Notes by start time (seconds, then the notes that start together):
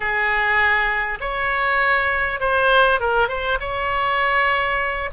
0.00 G#4
1.20 C#5
2.40 C5
2.99 A#4
3.28 C5
3.59 C#5